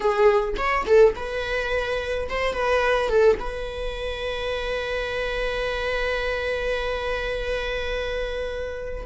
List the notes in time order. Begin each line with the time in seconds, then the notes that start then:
0.00 G#4
0.57 C#5
0.85 A4
1.15 B4
2.29 C5
2.53 B4
3.09 A4
3.39 B4